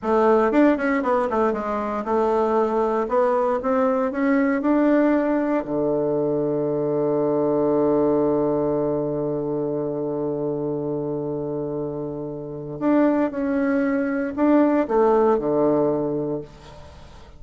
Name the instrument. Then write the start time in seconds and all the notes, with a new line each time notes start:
bassoon
0.02 A3
0.51 D4
0.77 C#4
1.03 B3
1.30 A3
1.52 G#3
2.04 A3
3.08 B3
3.62 C4
4.11 C#4
4.61 D4
5.64 D3
12.79 D4
13.31 C#4
14.36 D4
14.88 A3
15.38 D3